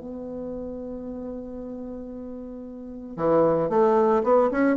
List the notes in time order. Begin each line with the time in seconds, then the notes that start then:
0.00 B3
3.17 E3
3.70 A3
4.24 B3
4.52 C#4